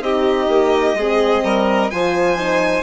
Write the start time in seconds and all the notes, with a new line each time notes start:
0.00 C4 D#4 G4 D#5
0.48 A#3
0.94 G#3 C4 G#4
1.44 G3 A#4
1.90 F3 F4 C5 G#5
2.37 D#4